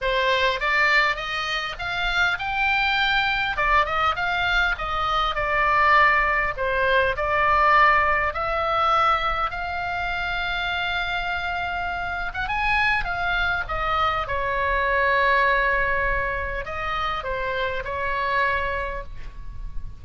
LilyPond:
\new Staff \with { instrumentName = "oboe" } { \time 4/4 \tempo 4 = 101 c''4 d''4 dis''4 f''4 | g''2 d''8 dis''8 f''4 | dis''4 d''2 c''4 | d''2 e''2 |
f''1~ | f''8. fis''16 gis''4 f''4 dis''4 | cis''1 | dis''4 c''4 cis''2 | }